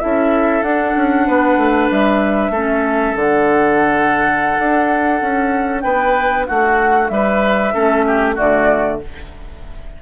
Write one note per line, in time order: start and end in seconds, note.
0.00 0.62 C#4
0.00 0.64 E4
0.00 1.27 A4
0.00 0.63 E5
0.62 0.94 D4
0.62 2.54 D4
0.62 1.89 F#5
0.97 1.28 C#4
1.27 1.58 B3
1.27 2.52 B4
1.58 1.89 A3
1.91 2.50 G3
1.91 3.17 E5
2.50 3.13 A3
2.50 5.84 A4
2.57 3.18 C#4
3.16 4.59 D3
3.16 7.74 D4
3.16 5.81 F#5
4.60 5.22 D4
5.22 5.84 C#4
5.81 6.48 B3
5.81 6.47 B4
5.81 6.45 G5
6.47 7.10 A3
6.47 7.12 F#4
6.47 7.09 F#5
7.09 7.73 G3
7.09 7.74 B4
7.09 8.35 E5
7.74 8.39 A3
7.74 8.37 C#4
7.74 8.06 A4
8.07 8.35 G4
8.35 9.02 D3
8.35 9.00 A3
8.35 8.99 F#4
8.35 9.01 D5